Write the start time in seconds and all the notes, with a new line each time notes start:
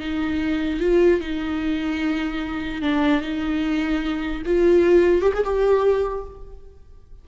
0.00 D#4
0.81 F4
1.21 D#4
2.82 D4
3.22 D#4
4.46 F4
5.22 G4
5.34 G#4
5.45 G4